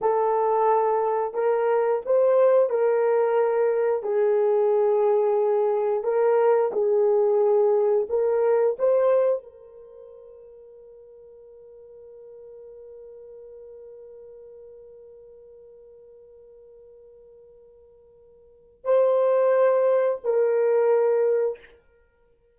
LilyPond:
\new Staff \with { instrumentName = "horn" } { \time 4/4 \tempo 4 = 89 a'2 ais'4 c''4 | ais'2 gis'2~ | gis'4 ais'4 gis'2 | ais'4 c''4 ais'2~ |
ais'1~ | ais'1~ | ais'1 | c''2 ais'2 | }